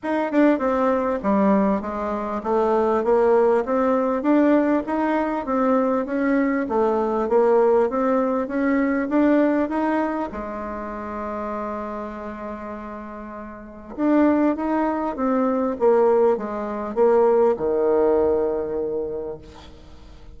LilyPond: \new Staff \with { instrumentName = "bassoon" } { \time 4/4 \tempo 4 = 99 dis'8 d'8 c'4 g4 gis4 | a4 ais4 c'4 d'4 | dis'4 c'4 cis'4 a4 | ais4 c'4 cis'4 d'4 |
dis'4 gis2.~ | gis2. d'4 | dis'4 c'4 ais4 gis4 | ais4 dis2. | }